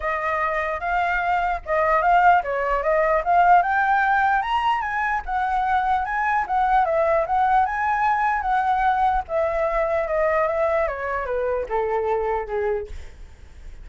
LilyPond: \new Staff \with { instrumentName = "flute" } { \time 4/4 \tempo 4 = 149 dis''2 f''2 | dis''4 f''4 cis''4 dis''4 | f''4 g''2 ais''4 | gis''4 fis''2 gis''4 |
fis''4 e''4 fis''4 gis''4~ | gis''4 fis''2 e''4~ | e''4 dis''4 e''4 cis''4 | b'4 a'2 gis'4 | }